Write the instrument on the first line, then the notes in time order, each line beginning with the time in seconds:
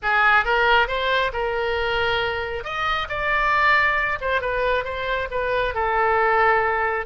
oboe
0.02 G#4
0.44 A#4
0.87 C5
1.32 A#4
2.64 D#5
3.08 D5
4.20 C5
4.41 B4
4.84 C5
5.30 B4
5.74 A4